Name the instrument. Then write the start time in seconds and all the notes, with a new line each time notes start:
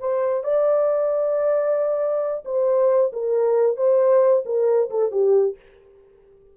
horn
0.00 C5
0.44 D5
2.45 C5
3.13 A#4
3.77 C5
4.45 A#4
4.90 A4
5.11 G4